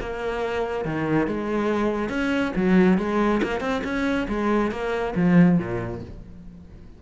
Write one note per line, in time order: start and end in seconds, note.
0.00 0.84 A#3
0.84 1.27 D#3
1.27 2.09 G#3
2.09 2.52 C#4
2.55 2.98 F#3
2.98 3.41 G#3
3.42 3.60 A#3
3.60 3.82 C4
3.84 4.27 C#4
4.28 4.71 G#3
4.71 5.14 A#3
5.15 5.58 F3
5.58 6.01 A#2